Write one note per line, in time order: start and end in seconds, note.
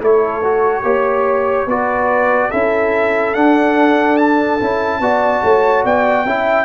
0.00 0.83 A3
0.00 0.42 E4
0.00 0.83 A4
0.00 1.69 C#5
0.44 0.84 F#4
0.83 1.66 A#3
0.83 1.67 G4
0.83 1.66 C#5
1.66 2.49 B3
1.66 2.52 F#4
1.66 2.49 B4
1.66 2.51 D5
2.49 3.35 C#4
2.49 3.35 E4
2.49 4.99 A4
2.49 3.34 E5
3.34 4.60 D4
3.34 4.17 F#5
4.17 5.83 A5
4.60 5.00 C#4
4.60 5.01 E4
5.00 5.41 B3
5.00 6.26 F#4
5.00 5.44 D5
5.43 5.85 A3
5.43 5.84 C#5
5.84 6.25 B3
5.84 6.26 D5
5.84 6.65 G5
6.25 6.65 C#4
6.25 6.65 E4
6.25 6.65 E5